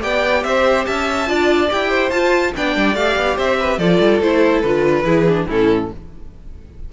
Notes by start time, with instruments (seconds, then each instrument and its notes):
0.00 cello B3, viola G4, violin D5 G5
0.43 cello C4, violin C5 E5
0.85 cello C#4, violin E5 A5
1.27 cello D4, viola F4, violin D5
1.69 cello E4, viola G4, violin G5
1.89 violin C5
2.10 cello F4, viola F4, violin A5
2.56 cello B3, viola D4, violin D5 G5
2.76 cello G3
2.95 cello A3, viola G4, violin F5
3.16 cello B3
3.36 cello C4, violin C5 E5
3.59 violin B4
3.78 cello F3, viola F4, violin A4 D5
4.00 cello G3
4.20 cello A3, viola E4, violin C5
4.61 cello D3, viola F4, violin B4
5.04 cello E3, viola E4, violin G#4
5.28 viola D4
5.48 cello A2, viola C#4, violin E4 A4